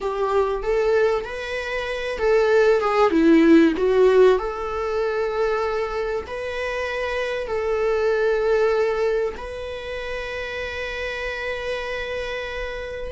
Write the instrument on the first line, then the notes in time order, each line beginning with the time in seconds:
viola
0.01 G4
0.62 A4
1.24 B4
2.18 A4
2.80 G#4
3.11 E4
3.77 F#4
4.38 A4
6.26 B4
7.47 A4
9.37 B4